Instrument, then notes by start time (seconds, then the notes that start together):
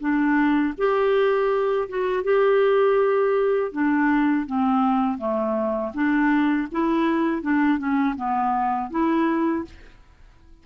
clarinet
0.00 D4
0.78 G4
1.89 F#4
2.24 G4
3.72 D4
4.46 C4
5.18 A3
5.94 D4
6.72 E4
7.42 D4
7.78 C#4
8.16 B3
8.91 E4